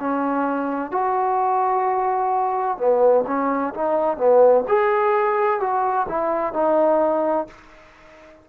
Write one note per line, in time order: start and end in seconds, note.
0.00 0.92 C#4
0.92 2.78 F#4
2.78 3.25 B3
3.27 3.74 C#4
3.75 4.18 D#4
4.18 4.64 B3
4.68 5.60 G#4
5.60 6.07 F#4
6.09 6.54 E4
6.54 7.47 D#4